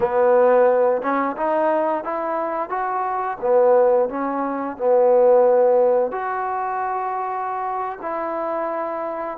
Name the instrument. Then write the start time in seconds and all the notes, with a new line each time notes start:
trombone
0.00 B3
1.02 C#4
1.36 D#4
2.04 E4
2.69 F#4
3.41 B3
4.09 C#4
4.77 B3
6.11 F#4
8.01 E4